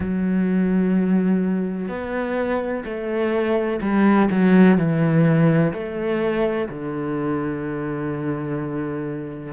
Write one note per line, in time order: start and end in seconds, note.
0.00 1.88 F#3
1.88 2.83 B3
2.84 3.80 A3
3.81 4.29 G3
4.30 4.77 F#3
4.77 5.72 E3
5.73 6.68 A3
6.68 9.53 D3